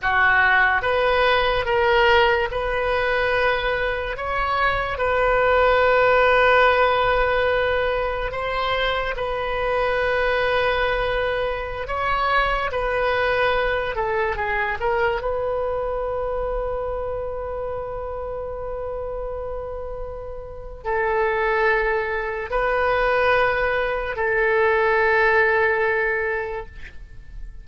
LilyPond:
\new Staff \with { instrumentName = "oboe" } { \time 4/4 \tempo 4 = 72 fis'4 b'4 ais'4 b'4~ | b'4 cis''4 b'2~ | b'2 c''4 b'4~ | b'2~ b'16 cis''4 b'8.~ |
b'8. a'8 gis'8 ais'8 b'4.~ b'16~ | b'1~ | b'4 a'2 b'4~ | b'4 a'2. | }